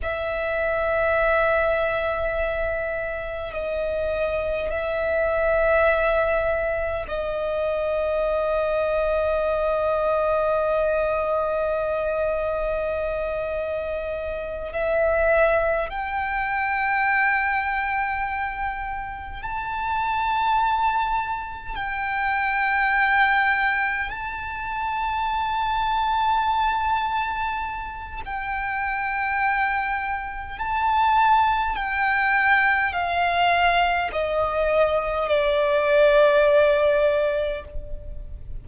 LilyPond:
\new Staff \with { instrumentName = "violin" } { \time 4/4 \tempo 4 = 51 e''2. dis''4 | e''2 dis''2~ | dis''1~ | dis''8 e''4 g''2~ g''8~ |
g''8 a''2 g''4.~ | g''8 a''2.~ a''8 | g''2 a''4 g''4 | f''4 dis''4 d''2 | }